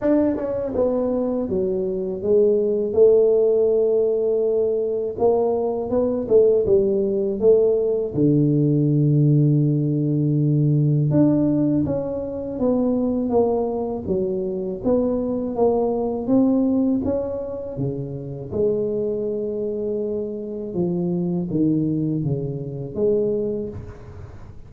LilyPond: \new Staff \with { instrumentName = "tuba" } { \time 4/4 \tempo 4 = 81 d'8 cis'8 b4 fis4 gis4 | a2. ais4 | b8 a8 g4 a4 d4~ | d2. d'4 |
cis'4 b4 ais4 fis4 | b4 ais4 c'4 cis'4 | cis4 gis2. | f4 dis4 cis4 gis4 | }